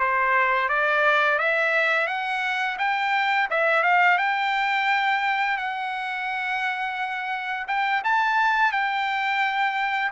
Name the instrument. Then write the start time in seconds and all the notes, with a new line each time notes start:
trumpet
0.00 C5
0.69 D5
1.39 E5
2.07 F#5
2.79 G5
3.51 E5
3.84 F5
4.18 G5
5.58 F#5
7.68 G5
8.04 A5
8.72 G5